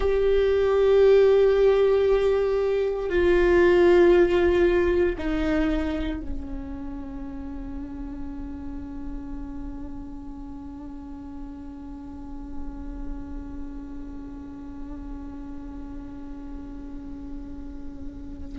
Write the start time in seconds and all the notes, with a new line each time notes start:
0.00 G4
3.09 F4
5.17 D#4
6.21 C#4